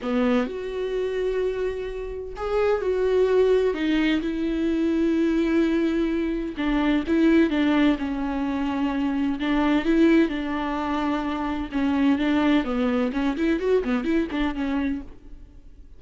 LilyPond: \new Staff \with { instrumentName = "viola" } { \time 4/4 \tempo 4 = 128 b4 fis'2.~ | fis'4 gis'4 fis'2 | dis'4 e'2.~ | e'2 d'4 e'4 |
d'4 cis'2. | d'4 e'4 d'2~ | d'4 cis'4 d'4 b4 | cis'8 e'8 fis'8 b8 e'8 d'8 cis'4 | }